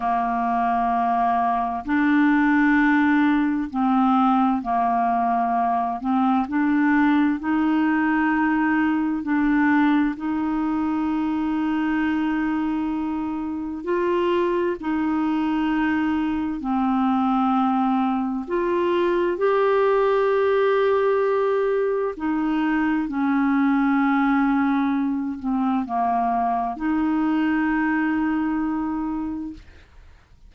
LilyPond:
\new Staff \with { instrumentName = "clarinet" } { \time 4/4 \tempo 4 = 65 ais2 d'2 | c'4 ais4. c'8 d'4 | dis'2 d'4 dis'4~ | dis'2. f'4 |
dis'2 c'2 | f'4 g'2. | dis'4 cis'2~ cis'8 c'8 | ais4 dis'2. | }